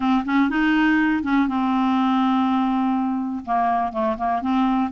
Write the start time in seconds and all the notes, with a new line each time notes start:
0.00 C4
0.25 C#4
0.49 D#4
1.23 C#4
1.48 C4
3.45 A#3
3.92 A3
4.17 A#3
4.41 C4